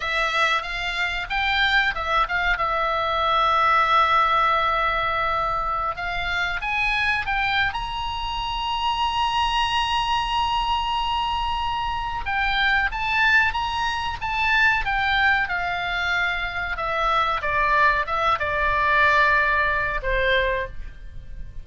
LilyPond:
\new Staff \with { instrumentName = "oboe" } { \time 4/4 \tempo 4 = 93 e''4 f''4 g''4 e''8 f''8 | e''1~ | e''4~ e''16 f''4 gis''4 g''8. | ais''1~ |
ais''2. g''4 | a''4 ais''4 a''4 g''4 | f''2 e''4 d''4 | e''8 d''2~ d''8 c''4 | }